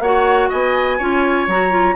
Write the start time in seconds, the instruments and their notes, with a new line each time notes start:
0.00 bassoon A#3, clarinet F#4, oboe C#5, flute F#5
0.50 bassoon B3, oboe D#5, flute G#5
0.98 bassoon C#4, clarinet F4, oboe C#5
1.48 bassoon F#3, clarinet F#4, flute A#5
1.71 clarinet F4